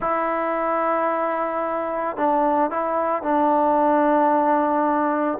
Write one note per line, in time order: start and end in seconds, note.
0.00 2.16 E4
2.16 2.70 D4
2.70 3.22 E4
3.22 5.38 D4